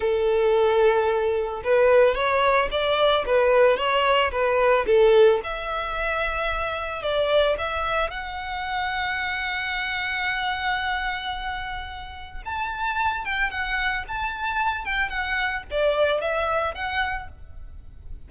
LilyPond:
\new Staff \with { instrumentName = "violin" } { \time 4/4 \tempo 4 = 111 a'2. b'4 | cis''4 d''4 b'4 cis''4 | b'4 a'4 e''2~ | e''4 d''4 e''4 fis''4~ |
fis''1~ | fis''2. a''4~ | a''8 g''8 fis''4 a''4. g''8 | fis''4 d''4 e''4 fis''4 | }